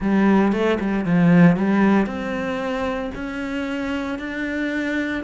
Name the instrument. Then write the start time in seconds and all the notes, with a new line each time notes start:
cello
0.00 G3
0.52 A3
0.80 G3
1.05 F3
1.56 G3
2.06 C4
3.14 C#4
4.18 D4